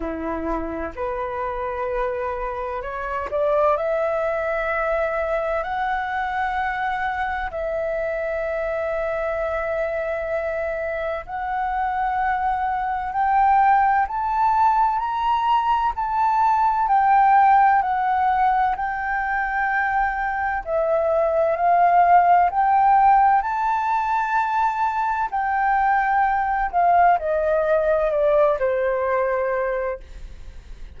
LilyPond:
\new Staff \with { instrumentName = "flute" } { \time 4/4 \tempo 4 = 64 e'4 b'2 cis''8 d''8 | e''2 fis''2 | e''1 | fis''2 g''4 a''4 |
ais''4 a''4 g''4 fis''4 | g''2 e''4 f''4 | g''4 a''2 g''4~ | g''8 f''8 dis''4 d''8 c''4. | }